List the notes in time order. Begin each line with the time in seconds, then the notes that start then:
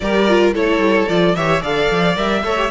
0.00 G3 G4 A#4 D5
0.28 F4
0.53 A3 E4 A4 C#5
0.77 G3
1.08 F3 F4 D5
1.35 E3 G4 C#5 E5
1.61 D3 A4 D5 F5
1.91 F3
2.15 G3 A#4 E5
2.43 A3 A4 C#5
2.56 G4